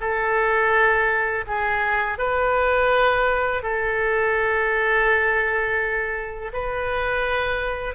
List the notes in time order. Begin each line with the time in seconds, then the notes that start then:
0.00 A4
1.47 G#4
2.18 B4
3.62 A4
6.53 B4